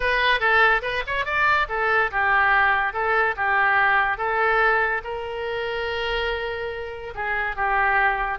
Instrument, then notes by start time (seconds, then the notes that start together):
oboe
0.00 B4
0.39 A4
0.81 B4
1.06 C#5
1.25 D5
1.69 A4
2.11 G4
2.93 A4
3.36 G4
4.17 A4
5.04 A#4
7.14 G#4
7.55 G4